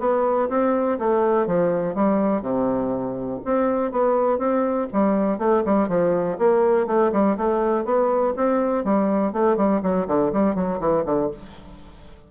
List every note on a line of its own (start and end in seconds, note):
0.00 0.49 B3
0.49 0.99 C4
0.99 1.47 A3
1.47 1.95 F3
1.95 2.42 G3
2.42 3.40 C3
3.45 3.92 C4
3.92 4.39 B3
4.39 4.88 C4
4.93 5.39 G3
5.39 5.64 A3
5.65 5.89 G3
5.89 6.38 F3
6.39 6.87 A#3
6.87 7.12 A3
7.12 7.37 G3
7.37 7.85 A3
7.85 8.34 B3
8.37 8.85 C4
8.85 9.33 G3
9.33 9.57 A3
9.57 9.82 G3
9.83 10.08 F#3
10.08 10.33 D3
10.33 10.56 G3
10.56 10.80 F#3
10.80 11.05 E3
11.06 11.31 D3